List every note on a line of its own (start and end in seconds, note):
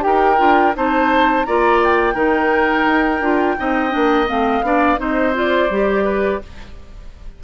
0.00 0.40 D#4
0.00 0.35 G4
0.00 0.76 A#4
0.00 0.73 G5
0.37 0.75 D4
0.37 0.72 F4
0.75 1.46 C4
0.75 1.45 D#4
0.75 1.46 C5
0.75 1.44 A5
1.44 2.14 A#3
1.44 2.14 F4
1.44 2.14 D5
1.44 1.79 A#5
1.83 4.28 G5
2.14 2.85 D#3
2.14 3.20 D#4
2.14 3.55 A#4
2.85 3.20 D#4
3.20 3.55 D4
3.20 3.57 F4
3.57 3.95 C4
3.57 3.90 D#4
3.57 4.65 D#5
3.90 4.29 A#3
3.90 4.25 D4
4.27 4.61 A3
4.27 4.62 C4
4.27 4.99 F5
4.61 4.97 B3
4.61 4.97 D4
4.61 4.99 D5
4.97 5.69 C4
4.97 5.32 D#4
4.97 6.04 C5
4.97 5.35 D#5
5.33 5.69 F4
5.33 6.43 D5
5.69 6.40 G3
5.69 6.41 G4
6.04 6.39 B4